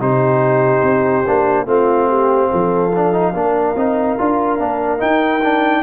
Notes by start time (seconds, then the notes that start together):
0.00 C3 D#4 G4 C5
0.83 C4
1.27 A#3 D4
1.66 A3 C4 F4 F5
2.09 G4
2.50 F3 A4
2.96 D4
3.13 D#4
3.34 A#3 D4 A#4
3.76 C4 D#4
4.18 D4 F4
4.59 A#3 D4
4.99 D#4 G5
5.43 D4